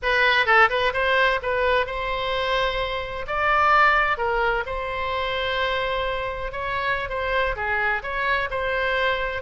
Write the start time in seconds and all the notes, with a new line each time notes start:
0.02 B4
0.45 A4
0.69 B4
0.93 C5
1.42 B4
1.86 C5
3.27 D5
4.17 A#4
4.66 C5
6.52 C#5
7.09 C5
7.56 G#4
8.02 C#5
8.50 C5